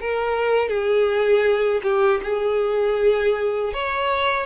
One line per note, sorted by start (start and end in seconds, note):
0.00 0.69 A#4
0.69 1.81 G#4
1.83 2.20 G4
2.23 3.73 G#4
3.73 4.46 C#5